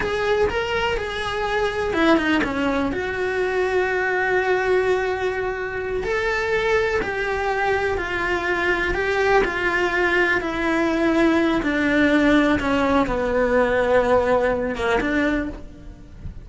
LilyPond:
\new Staff \with { instrumentName = "cello" } { \time 4/4 \tempo 4 = 124 gis'4 ais'4 gis'2 | e'8 dis'8 cis'4 fis'2~ | fis'1~ | fis'8 a'2 g'4.~ |
g'8 f'2 g'4 f'8~ | f'4. e'2~ e'8 | d'2 cis'4 b4~ | b2~ b8 ais8 d'4 | }